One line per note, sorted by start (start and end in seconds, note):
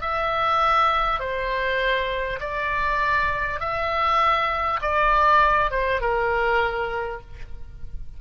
0.00 1.19 E5
1.19 2.39 C5
2.39 3.59 D5
3.60 4.80 E5
4.81 5.70 D5
5.70 6.00 C5
6.01 7.21 A#4